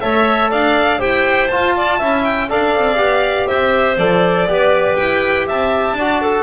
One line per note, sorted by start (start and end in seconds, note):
0.00 0.52 A3
0.00 0.98 A4
0.00 0.50 C#5
0.00 0.50 E5
0.50 1.02 D4
0.50 0.99 D5
0.50 1.01 F5
0.98 1.52 E4
0.98 1.48 G4
0.98 1.74 C5
0.98 1.48 G5
1.48 2.00 F4
1.48 2.01 F4
1.48 2.22 A5
1.76 1.98 D5
1.98 2.50 C#4
1.98 2.49 E4
1.98 2.48 E5
2.24 2.49 G5
2.49 2.75 D4
2.49 2.96 A4
2.49 3.48 D5
2.49 3.47 F5
2.75 2.97 C4
2.96 3.47 B3
2.96 3.95 G4
3.47 4.47 C5
3.47 3.97 E5
3.54 3.97 C4
3.97 4.46 F3
3.97 4.48 A4
3.97 4.96 D5
4.46 4.96 B3
4.46 5.97 G4
4.46 5.46 B4
4.96 5.49 E4
4.96 5.46 G5
5.46 5.93 C4
5.46 5.96 E5
5.46 6.42 A5
5.93 6.42 D4
5.93 6.22 D5
5.99 6.42 F#4
6.22 6.42 A4